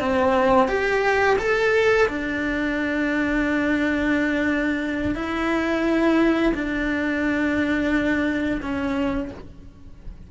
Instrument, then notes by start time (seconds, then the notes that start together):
cello
0.00 C4
0.68 G4
1.39 A4
2.08 D4
5.15 E4
6.54 D4
8.62 C#4